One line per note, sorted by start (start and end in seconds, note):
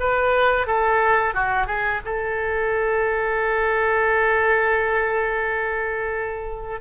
0.00 0.67 B4
0.67 1.34 A4
1.34 1.66 F#4
1.66 2.01 G#4
2.05 6.81 A4